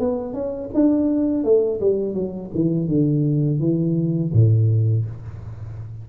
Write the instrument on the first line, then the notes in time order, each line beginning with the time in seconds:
tuba
0.00 B3
0.34 C#4
0.75 D4
1.44 A3
1.81 G3
2.15 F#3
2.55 E3
2.88 D3
3.60 E3
4.33 A2